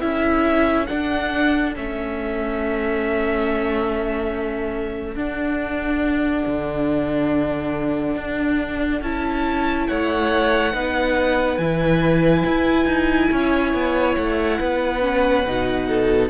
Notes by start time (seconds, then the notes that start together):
0.00 C#4 E4 A4 E5
0.86 D4 F#5
1.75 A3 C#4 E5
5.15 D4 F#5
6.46 D3
8.15 D4
9.01 C#4 E4 A5
9.87 A3 C#5 F#5
10.72 B3 D#4 B4
11.57 E3 E4 G#5
12.46 E4
12.85 D#4
13.31 C#4 C#5
13.73 B3
14.16 A3 F#5
14.58 B3 B4
15.01 C#4
15.45 B2 D#4
15.88 A4